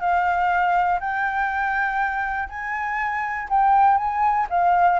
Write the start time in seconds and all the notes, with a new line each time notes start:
0.00 F5
1.00 G5
2.49 G#5
3.49 G5
3.97 G#5
4.50 F5